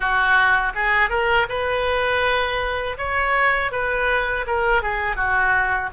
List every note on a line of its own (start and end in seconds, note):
0.00 0.72 F#4
0.74 1.09 G#4
1.09 1.46 A#4
1.48 2.97 B4
2.97 3.71 C#5
3.71 4.45 B4
4.46 4.82 A#4
4.82 5.15 G#4
5.15 5.90 F#4